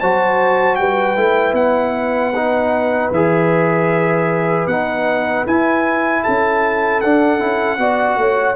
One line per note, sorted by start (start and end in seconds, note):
0.00 0.79 F#3
0.00 1.17 F#4
0.00 0.79 C5
0.00 0.76 A5
0.76 1.16 G3
0.76 6.23 B4
0.76 1.54 G5
1.16 1.53 A3
1.16 2.34 E4
1.53 3.09 B3
1.53 3.11 F#5
2.35 3.13 D#4
3.11 4.67 E3
3.11 4.70 G#4
3.11 4.67 E5
4.67 5.44 B3
4.67 5.47 D#4
4.67 5.45 F#5
5.46 6.24 E4
5.46 7.03 E4
5.46 6.23 G#5
6.23 7.04 C#4
6.23 7.79 A4
6.23 7.01 A5
7.01 7.40 D4
7.01 7.39 D4
7.01 8.56 F#5
7.39 7.78 C#4
7.39 7.78 E4
7.78 8.17 B3
7.78 8.56 F#4
7.78 8.19 D5
8.17 8.56 A3
8.17 8.56 C#5